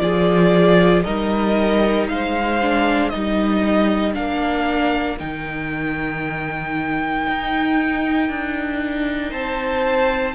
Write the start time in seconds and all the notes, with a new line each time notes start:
0.00 F3 F4 G#4 D5
1.04 G3 D#4 A#4 D#5
2.09 G#3 C5 F5
2.62 D4
3.10 G3 D#4 A#4 D#5
4.14 A#3 D4 F5
5.19 D#3 D#4 G5
7.27 D#4
8.29 D4
9.31 C4 C5 A5